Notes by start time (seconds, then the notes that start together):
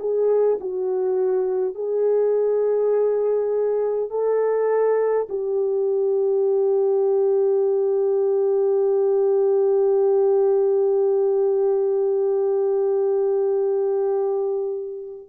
0.00 G#4
0.61 F#4
1.75 G#4
4.10 A4
5.29 G4